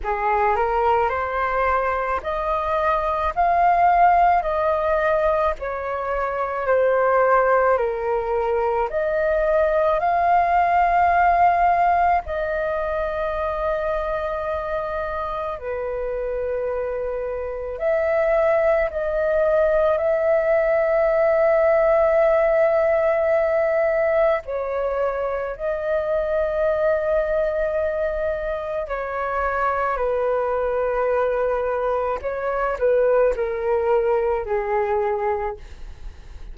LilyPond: \new Staff \with { instrumentName = "flute" } { \time 4/4 \tempo 4 = 54 gis'8 ais'8 c''4 dis''4 f''4 | dis''4 cis''4 c''4 ais'4 | dis''4 f''2 dis''4~ | dis''2 b'2 |
e''4 dis''4 e''2~ | e''2 cis''4 dis''4~ | dis''2 cis''4 b'4~ | b'4 cis''8 b'8 ais'4 gis'4 | }